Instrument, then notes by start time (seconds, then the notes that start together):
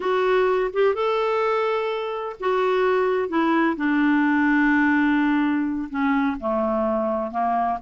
clarinet
0.00 F#4
0.73 G4
0.94 A4
2.40 F#4
3.29 E4
3.76 D4
5.89 C#4
6.40 A3
7.31 A#3